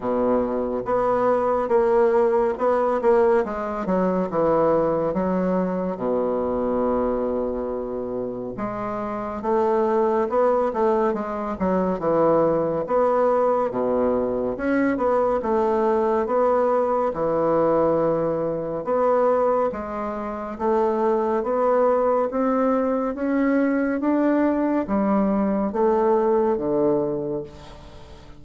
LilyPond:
\new Staff \with { instrumentName = "bassoon" } { \time 4/4 \tempo 4 = 70 b,4 b4 ais4 b8 ais8 | gis8 fis8 e4 fis4 b,4~ | b,2 gis4 a4 | b8 a8 gis8 fis8 e4 b4 |
b,4 cis'8 b8 a4 b4 | e2 b4 gis4 | a4 b4 c'4 cis'4 | d'4 g4 a4 d4 | }